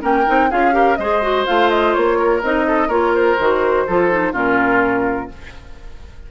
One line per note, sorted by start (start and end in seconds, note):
0.00 0.26 A#3
0.00 0.24 C#4
0.00 0.49 A#4
0.00 0.51 G5
0.26 0.52 C4
0.26 0.50 D#4
0.50 0.98 C#4
0.50 0.72 F4
0.50 0.74 G#4
0.50 0.96 F5
0.72 0.96 G4
0.72 0.98 A#4
0.96 1.46 G#3
0.96 1.22 G#4
0.96 2.18 C5
0.96 1.44 D#5
1.22 1.46 F#4
1.46 1.96 A3
1.46 2.42 F4
1.46 1.70 F5
1.70 1.93 D#5
1.93 2.43 A#3
1.93 2.41 C#5
2.18 2.66 A#4
2.43 2.88 C4
2.43 2.89 D#4
2.43 2.90 D#5
2.67 2.87 A4
2.87 3.36 A#3
2.87 3.37 F4
2.87 3.83 A#4
2.87 3.14 C#5
3.14 4.34 C5
3.39 3.87 D#3
3.39 3.88 F#4
3.87 4.33 F3
3.87 4.10 F4
3.87 4.32 A4
4.10 4.33 D#4
4.32 5.29 A#2
4.32 5.29 C#4
4.32 5.28 F4
4.32 5.31 A#4